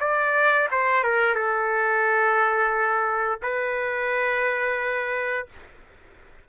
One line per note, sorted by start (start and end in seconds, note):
0.00 0.68 D5
0.71 1.04 C5
1.04 1.35 A#4
1.35 3.39 A4
3.42 5.47 B4